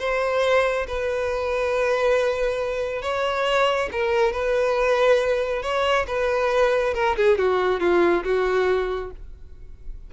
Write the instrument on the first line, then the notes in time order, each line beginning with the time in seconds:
violin
0.00 C5
0.88 B4
3.03 C#5
3.93 A#4
4.33 B4
5.63 C#5
6.08 B4
6.95 A#4
7.17 G#4
7.38 F#4
7.81 F4
8.24 F#4